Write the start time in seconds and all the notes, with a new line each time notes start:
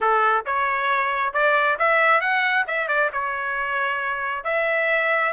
0.01 A4
0.45 C#5
1.33 D5
1.79 E5
2.20 F#5
2.67 E5
2.88 D5
3.12 C#5
4.43 E5